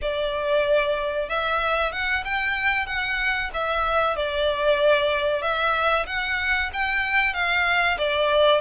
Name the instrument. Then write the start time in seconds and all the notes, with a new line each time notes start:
violin
0.01 D5
1.29 E5
1.91 F#5
2.24 G5
2.86 F#5
3.53 E5
4.15 D5
5.42 E5
6.06 F#5
6.73 G5
7.33 F5
7.98 D5